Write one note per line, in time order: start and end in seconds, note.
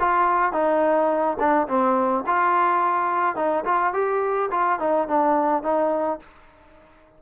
0.00 0.53 F4
0.53 1.38 D#4
1.39 1.68 D4
1.68 2.24 C4
2.27 3.36 F4
3.36 3.64 D#4
3.65 3.93 F4
3.93 4.50 G4
4.51 4.79 F4
4.80 5.08 D#4
5.08 5.63 D4
5.63 6.20 D#4